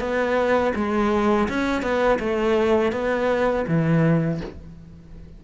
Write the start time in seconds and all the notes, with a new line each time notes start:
0.00 B3
0.75 G#3
1.49 C#4
1.82 B3
2.20 A3
2.92 B3
3.68 E3